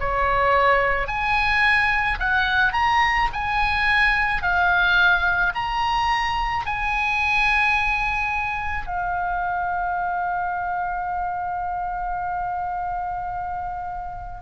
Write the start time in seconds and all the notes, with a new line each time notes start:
0.00 C#5
1.08 G#5
2.20 F#5
2.73 A#5
3.33 G#5
4.42 F5
5.55 A#5
6.66 G#5
8.87 F5